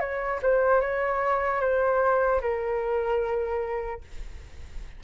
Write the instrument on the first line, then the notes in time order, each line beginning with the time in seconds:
flute
0.00 C#5
0.43 C5
0.81 C#5
1.61 C5
2.41 A#4